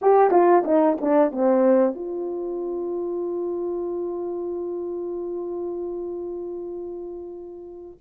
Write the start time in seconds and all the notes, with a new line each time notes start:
0.01 G4
0.31 F4
0.64 D#4
1.00 D4
1.31 C4
1.94 F4